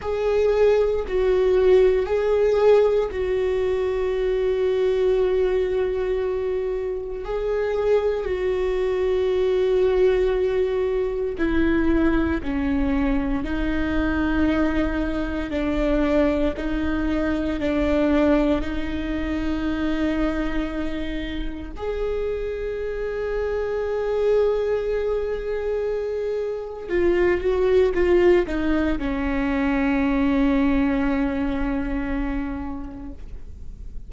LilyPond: \new Staff \with { instrumentName = "viola" } { \time 4/4 \tempo 4 = 58 gis'4 fis'4 gis'4 fis'4~ | fis'2. gis'4 | fis'2. e'4 | cis'4 dis'2 d'4 |
dis'4 d'4 dis'2~ | dis'4 gis'2.~ | gis'2 f'8 fis'8 f'8 dis'8 | cis'1 | }